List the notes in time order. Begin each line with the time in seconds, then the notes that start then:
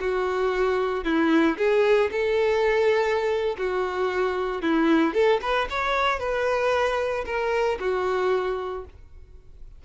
0.00 F#4
1.05 E4
1.57 G#4
2.12 A4
3.58 F#4
4.62 E4
5.14 A4
5.42 B4
5.70 C#5
6.19 B4
7.26 A#4
7.79 F#4